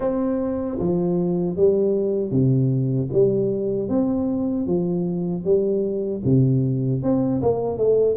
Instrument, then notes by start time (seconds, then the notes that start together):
tuba
0.00 C4
0.79 F3
1.56 G3
2.31 C3
3.12 G3
3.89 C4
4.66 F3
5.44 G3
6.24 C3
7.02 C4
7.42 A#3
7.77 A3